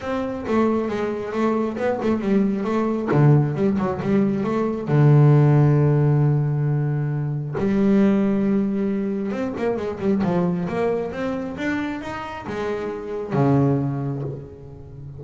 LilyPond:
\new Staff \with { instrumentName = "double bass" } { \time 4/4 \tempo 4 = 135 c'4 a4 gis4 a4 | b8 a8 g4 a4 d4 | g8 fis8 g4 a4 d4~ | d1~ |
d4 g2.~ | g4 c'8 ais8 gis8 g8 f4 | ais4 c'4 d'4 dis'4 | gis2 cis2 | }